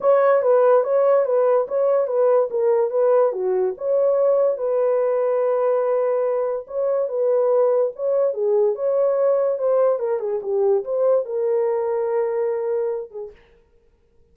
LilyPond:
\new Staff \with { instrumentName = "horn" } { \time 4/4 \tempo 4 = 144 cis''4 b'4 cis''4 b'4 | cis''4 b'4 ais'4 b'4 | fis'4 cis''2 b'4~ | b'1 |
cis''4 b'2 cis''4 | gis'4 cis''2 c''4 | ais'8 gis'8 g'4 c''4 ais'4~ | ais'2.~ ais'8 gis'8 | }